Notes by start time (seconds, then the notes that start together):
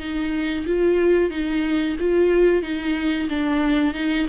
0.00 D#4
0.67 F4
1.31 D#4
2.00 F4
2.63 D#4
3.30 D4
3.94 D#4